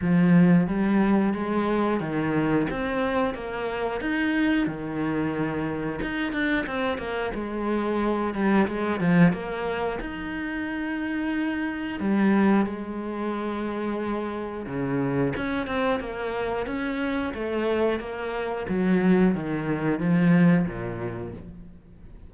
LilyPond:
\new Staff \with { instrumentName = "cello" } { \time 4/4 \tempo 4 = 90 f4 g4 gis4 dis4 | c'4 ais4 dis'4 dis4~ | dis4 dis'8 d'8 c'8 ais8 gis4~ | gis8 g8 gis8 f8 ais4 dis'4~ |
dis'2 g4 gis4~ | gis2 cis4 cis'8 c'8 | ais4 cis'4 a4 ais4 | fis4 dis4 f4 ais,4 | }